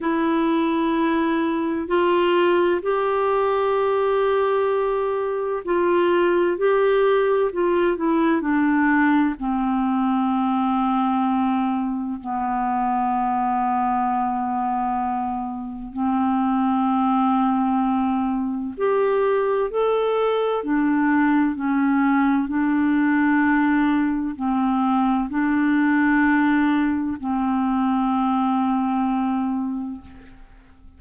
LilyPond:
\new Staff \with { instrumentName = "clarinet" } { \time 4/4 \tempo 4 = 64 e'2 f'4 g'4~ | g'2 f'4 g'4 | f'8 e'8 d'4 c'2~ | c'4 b2.~ |
b4 c'2. | g'4 a'4 d'4 cis'4 | d'2 c'4 d'4~ | d'4 c'2. | }